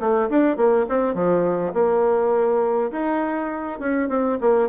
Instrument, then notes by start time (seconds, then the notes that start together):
bassoon
0.00 A3
0.29 D4
0.57 A#3
0.89 C4
1.14 F3
1.74 A#3
2.91 D#4
3.79 C#4
4.09 C4
4.41 A#3